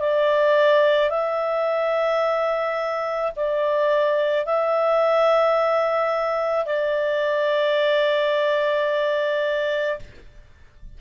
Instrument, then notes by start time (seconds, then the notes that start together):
clarinet
0.00 D5
1.11 E5
3.36 D5
4.46 E5
6.66 D5